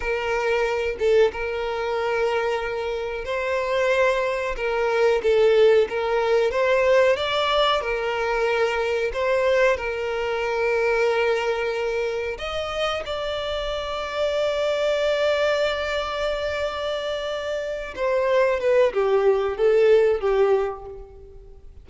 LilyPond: \new Staff \with { instrumentName = "violin" } { \time 4/4 \tempo 4 = 92 ais'4. a'8 ais'2~ | ais'4 c''2 ais'4 | a'4 ais'4 c''4 d''4 | ais'2 c''4 ais'4~ |
ais'2. dis''4 | d''1~ | d''2.~ d''8 c''8~ | c''8 b'8 g'4 a'4 g'4 | }